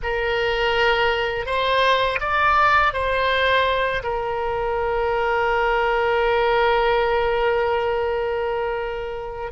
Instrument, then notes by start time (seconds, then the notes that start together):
oboe
0.02 A#4
1.46 C5
2.20 D5
2.93 C5
4.03 A#4